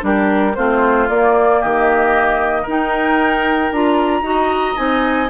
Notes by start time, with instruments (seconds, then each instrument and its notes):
0.00 bassoon G3, clarinet D4, oboe G4, flute A#4
0.55 bassoon A3, clarinet C4, oboe F4, flute C5
1.09 bassoon A#3, clarinet A#3, flute D5
1.60 bassoon D#3, oboe G4, flute D#5
2.62 bassoon D#4, clarinet D#4, oboe A#4
2.70 flute G5
3.71 bassoon D4, clarinet F4, flute A#5
4.22 bassoon D#4, clarinet F#4
4.29 oboe D#5
4.75 bassoon C4, clarinet D#4, flute G#5